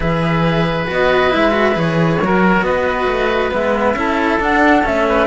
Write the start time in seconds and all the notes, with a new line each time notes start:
0.00 E3 G#4 B4 E5
0.87 B3 F#4 D#5
1.30 G#3 E4 E5
1.51 F#4
1.74 E3 G#4 C#5
2.21 F#3 F#4 A#4
2.61 B3 B4 D#5
3.07 A3
3.51 G#3 B3 E5
3.94 C#4 E4 A4
4.40 D4 F#5
4.83 A3 C#4 E5
5.08 B4